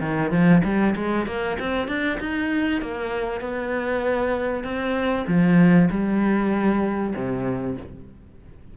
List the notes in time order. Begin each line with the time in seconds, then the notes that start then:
0.00 D#3
0.31 F3
0.64 G3
0.96 G#3
1.27 A#3
1.59 C4
1.88 D4
2.20 D#4
2.81 A#3
3.40 B3
4.64 C4
5.27 F3
5.90 G3
7.15 C3